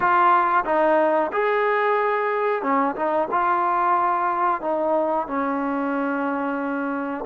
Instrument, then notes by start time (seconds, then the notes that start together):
trombone
0.00 F4
0.65 D#4
1.32 G#4
2.62 C#4
2.95 D#4
3.31 F4
4.61 D#4
5.27 C#4